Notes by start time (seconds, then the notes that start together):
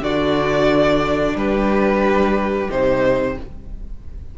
0.00 D3 D4 F#4 D5
1.36 G3 G4 B4
2.68 C3 D#4 C5